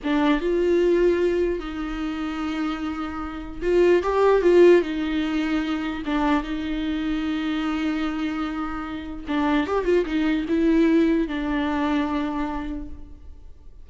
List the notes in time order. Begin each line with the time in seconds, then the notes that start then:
0.03 D4
0.40 F4
1.59 D#4
3.62 F4
4.02 G4
4.41 F4
4.82 D#4
6.05 D4
6.43 D#4
9.28 D4
9.66 G4
9.84 F4
10.05 D#4
10.48 E4
11.27 D4